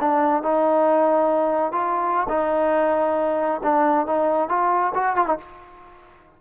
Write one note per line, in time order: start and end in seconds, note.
0.00 0.43 D4
0.43 1.72 D#4
1.72 2.27 F4
2.29 3.61 D#4
3.63 4.06 D4
4.06 4.49 D#4
4.49 4.93 F4
4.94 5.16 F#4
5.16 5.26 F4
5.26 5.37 D#4